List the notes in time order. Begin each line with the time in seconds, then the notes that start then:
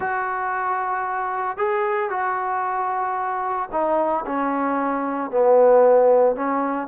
0.00 F#4
1.57 G#4
2.09 F#4
3.71 D#4
4.26 C#4
5.30 B3
6.35 C#4